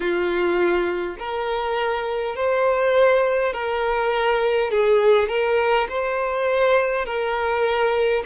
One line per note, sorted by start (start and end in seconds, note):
0.00 1.16 F4
1.18 2.35 A#4
2.35 3.53 C5
3.53 4.71 A#4
4.71 5.28 G#4
5.28 5.87 A#4
5.88 7.05 C5
7.05 8.23 A#4